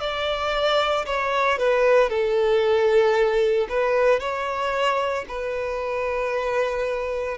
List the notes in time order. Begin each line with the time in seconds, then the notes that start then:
0.00 D5
1.06 C#5
1.58 B4
2.09 A4
3.69 B4
4.20 C#5
5.28 B4